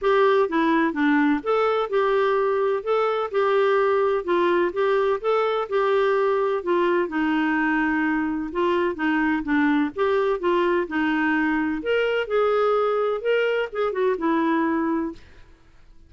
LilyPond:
\new Staff \with { instrumentName = "clarinet" } { \time 4/4 \tempo 4 = 127 g'4 e'4 d'4 a'4 | g'2 a'4 g'4~ | g'4 f'4 g'4 a'4 | g'2 f'4 dis'4~ |
dis'2 f'4 dis'4 | d'4 g'4 f'4 dis'4~ | dis'4 ais'4 gis'2 | ais'4 gis'8 fis'8 e'2 | }